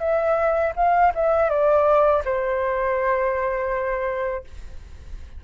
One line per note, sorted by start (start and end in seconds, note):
0.00 0.73 E5
0.76 1.13 F5
1.15 1.50 E5
1.50 2.24 D5
2.25 4.45 C5